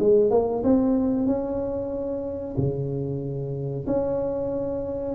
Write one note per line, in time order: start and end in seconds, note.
0.00 0.31 G#3
0.31 0.63 A#3
0.64 1.27 C4
1.27 2.56 C#4
2.57 3.87 C#3
3.87 5.15 C#4